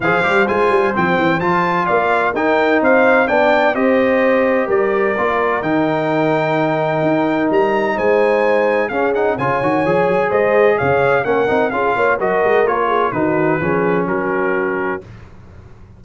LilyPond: <<
  \new Staff \with { instrumentName = "trumpet" } { \time 4/4 \tempo 4 = 128 f''4 gis''4 g''4 a''4 | f''4 g''4 f''4 g''4 | dis''2 d''2 | g''1 |
ais''4 gis''2 f''8 fis''8 | gis''2 dis''4 f''4 | fis''4 f''4 dis''4 cis''4 | b'2 ais'2 | }
  \new Staff \with { instrumentName = "horn" } { \time 4/4 c''1 | d''4 ais'4 c''4 d''4 | c''2 ais'2~ | ais'1~ |
ais'4 c''2 gis'4 | cis''2 c''4 cis''4 | ais'4 gis'8 cis''8 ais'4. gis'8 | fis'4 gis'4 fis'2 | }
  \new Staff \with { instrumentName = "trombone" } { \time 4/4 gis'8 g'8 f'4 c'4 f'4~ | f'4 dis'2 d'4 | g'2. f'4 | dis'1~ |
dis'2. cis'8 dis'8 | f'8 fis'8 gis'2. | cis'8 dis'8 f'4 fis'4 f'4 | dis'4 cis'2. | }
  \new Staff \with { instrumentName = "tuba" } { \time 4/4 f8 g8 gis8 g8 f8 e8 f4 | ais4 dis'4 c'4 b4 | c'2 g4 ais4 | dis2. dis'4 |
g4 gis2 cis'4 | cis8 dis8 f8 fis8 gis4 cis4 | ais8 c'8 cis'8 ais8 fis8 gis8 ais4 | dis4 f4 fis2 | }
>>